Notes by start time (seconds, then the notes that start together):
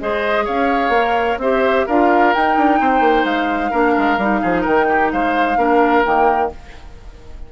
0.00 G#3 G#4 C5 D#5
0.45 C#4 C#5 F5
0.89 A#3 A#4
1.38 C4 G4 C5 E5
1.86 D4 F4 A#4 F5
2.34 D#4 G5
2.57 D4
2.81 C4 C5
3.01 A#3
3.25 G#3 F5
3.71 A#3 D4 A#4
3.98 G#3
4.18 G3 D#4
4.42 F3 G#4
4.62 D#3 A#4 G5
4.89 G4
5.12 G#3 C5 F5
5.57 A#3 D4 A#4
6.04 D#3 A#3 G5